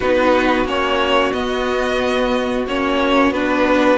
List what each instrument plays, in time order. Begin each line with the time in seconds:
0.00 cello B3, viola D#4, violin F#4 B4
0.64 cello A#3, viola C#4, violin C#5
1.32 viola B3, cello B3, violin D#5
2.67 cello A#3, viola C#4, violin C#5
3.31 cello B3, viola D4, violin B4